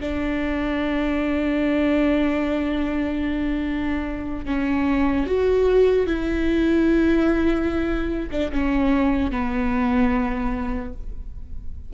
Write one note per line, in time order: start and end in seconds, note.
0.00 4.45 D4
4.45 5.26 C#4
5.26 6.07 F#4
6.07 8.30 E4
8.31 8.51 D4
8.52 9.31 C#4
9.31 10.93 B3